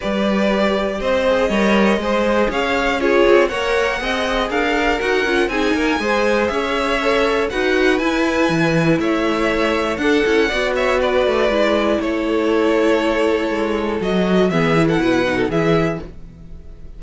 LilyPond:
<<
  \new Staff \with { instrumentName = "violin" } { \time 4/4 \tempo 4 = 120 d''2 dis''2~ | dis''4 f''4 cis''4 fis''4~ | fis''4 f''4 fis''4 gis''4~ | gis''4 e''2 fis''4 |
gis''2 e''2 | fis''4. e''8 d''2 | cis''1 | dis''4 e''8. fis''4~ fis''16 e''4 | }
  \new Staff \with { instrumentName = "violin" } { \time 4/4 b'2 c''4 cis''4 | c''4 cis''4 gis'4 cis''4 | dis''4 ais'2 gis'8 ais'8 | c''4 cis''2 b'4~ |
b'2 cis''2 | a'4 d''8 cis''8 b'2 | a'1~ | a'4 gis'8. a'16 b'8. a'16 gis'4 | }
  \new Staff \with { instrumentName = "viola" } { \time 4/4 g'2~ g'8 gis'8 ais'4 | gis'2 f'4 ais'4 | gis'2 fis'8 f'8 dis'4 | gis'2 a'4 fis'4 |
e'1 | d'8 e'8 fis'2 e'4~ | e'1 | fis'4 b8 e'4 dis'8 e'4 | }
  \new Staff \with { instrumentName = "cello" } { \time 4/4 g2 c'4 g4 | gis4 cis'4. c'8 ais4 | c'4 d'4 dis'8 cis'8 c'8 ais8 | gis4 cis'2 dis'4 |
e'4 e4 a2 | d'8 cis'8 b4. a8 gis4 | a2. gis4 | fis4 e4 b,4 e4 | }
>>